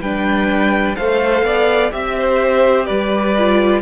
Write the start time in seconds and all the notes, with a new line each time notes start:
0.00 G3 D4 B4 G5
0.96 A3 A4 C5 F5
1.42 B3 D5
1.90 C4 G4 E5
2.18 C5
2.85 G3 B4 D5
3.37 F4